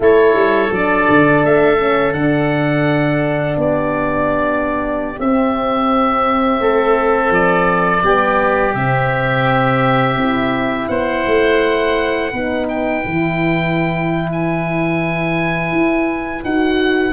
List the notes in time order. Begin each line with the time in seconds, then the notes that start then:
0.00 A3 E4 A4 C#5
0.34 G3
0.71 F#3 D4 D5
1.09 D3
1.43 A3 E5
1.79 C#4
2.13 D3 D4 F#5
3.56 B3 G4 D5
5.19 C4 E5
6.60 A3 A4
7.30 F3 D5
8.02 G3 B3 G4
8.74 C3 C4 E5
10.16 C4 E4
10.88 B3 C5 F#5
11.26 A3
12.31 B3 D#4 B4
12.68 G5
13.04 E3 E4
14.32 G#5
15.72 E4
16.43 D#4 F#4 F#5